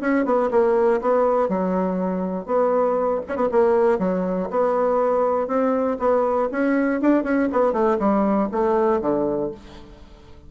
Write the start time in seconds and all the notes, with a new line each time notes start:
0.00 C#4
0.25 B3
0.50 A#3
1.01 B3
1.48 F#3
2.46 B3
3.28 C#4
3.36 B3
3.51 A#3
3.98 F#3
4.50 B3
5.47 C4
5.99 B3
6.51 C#4
7.01 D4
7.23 C#4
7.52 B3
7.72 A3
7.99 G3
8.51 A3
9.01 D3